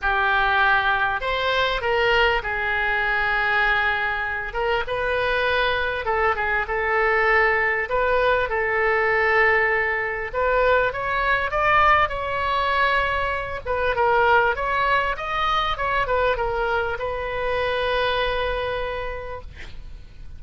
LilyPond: \new Staff \with { instrumentName = "oboe" } { \time 4/4 \tempo 4 = 99 g'2 c''4 ais'4 | gis'2.~ gis'8 ais'8 | b'2 a'8 gis'8 a'4~ | a'4 b'4 a'2~ |
a'4 b'4 cis''4 d''4 | cis''2~ cis''8 b'8 ais'4 | cis''4 dis''4 cis''8 b'8 ais'4 | b'1 | }